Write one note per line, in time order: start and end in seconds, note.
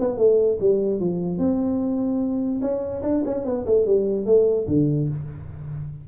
0.00 0.18 B3
0.18 0.59 A3
0.60 1.00 G3
1.00 1.38 F3
1.38 2.61 C4
2.62 3.02 C#4
3.03 3.23 D4
3.25 3.45 C#4
3.45 3.66 B3
3.66 3.86 A3
3.86 4.26 G3
4.26 4.67 A3
4.68 5.09 D3